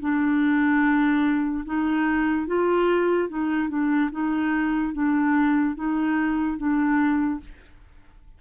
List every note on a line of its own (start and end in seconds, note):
0.00 1.64 D4
1.65 2.47 D#4
2.47 3.29 F4
3.29 3.69 D#4
3.69 4.10 D4
4.11 4.93 D#4
4.93 5.75 D4
5.75 6.58 D#4
6.58 7.40 D4